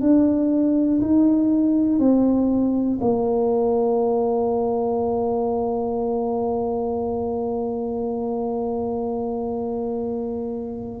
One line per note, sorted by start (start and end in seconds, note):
0.00 1.00 D4
1.00 1.99 D#4
1.99 2.99 C4
3.00 11.00 A#3